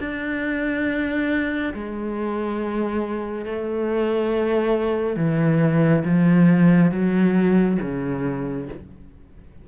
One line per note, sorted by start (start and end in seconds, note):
0.00 1.74 D4
1.74 3.46 G#3
3.46 5.17 A3
5.17 6.04 E3
6.05 6.92 F3
6.92 7.79 F#3
7.82 8.69 C#3